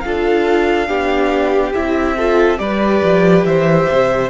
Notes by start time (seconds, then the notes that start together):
0.00 D4 F4 A4 F5
0.88 B3 D4 G4
1.74 C4 E4 E5
2.16 F4 A4
2.57 G3 G4 B4 D5
3.04 F3
3.44 E3 C5 E5
3.90 C3